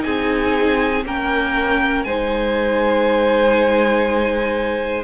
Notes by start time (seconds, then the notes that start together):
0.00 C4 D#4 G#4 G#5
1.05 A#3 C#4 A#4 G5
2.04 G#3 D#4 C5 G#5